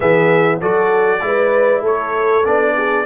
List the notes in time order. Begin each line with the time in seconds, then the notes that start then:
0.00 E3 B3 G#4 E5
0.60 F#3 F#4 A4 D5
1.21 G#3 E4 B4
1.81 A3 A4 C#5
2.44 B3 D4 D5
2.76 G#4